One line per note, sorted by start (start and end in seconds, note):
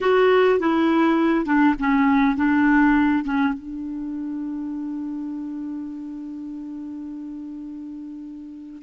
0.01 0.59 F#4
0.59 1.45 E4
1.45 1.75 D4
1.79 2.36 C#4
2.36 3.24 D4
3.24 3.53 C#4
3.53 8.82 D4